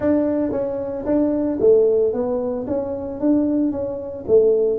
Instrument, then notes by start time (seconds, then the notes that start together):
tuba
0.00 D4
0.51 C#4
1.05 D4
1.60 A3
2.13 B3
2.67 C#4
3.20 D4
3.71 C#4
4.27 A3